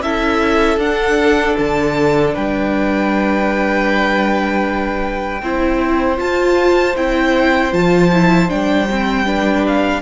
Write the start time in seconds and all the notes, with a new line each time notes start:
0.00 C#4 E4 A4 E5
0.77 D4 F#5
1.58 D3 A5
2.33 G3 B4 G5
5.41 C4 E4 C5
6.17 F4 A5
6.95 C4 E4 G5
7.72 F3 F4 A5
8.12 E4
8.49 G3 D4 G5
8.89 C4
9.24 D4 B4
9.67 F5